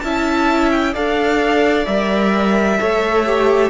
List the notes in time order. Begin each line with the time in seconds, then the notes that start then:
0.00 C#4 E4 E5 A5
0.71 G5
0.92 D4 A4 D5 F5
1.85 G3 A#4 E5
2.78 A3 A4 C#5
3.25 G4